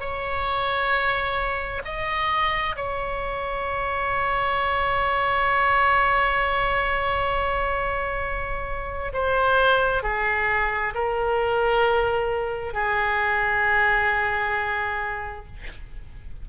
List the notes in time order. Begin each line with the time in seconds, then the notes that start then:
0.00 C#5
1.85 D#5
2.76 C#5
9.14 C5
10.03 G#4
10.94 A#4
12.74 G#4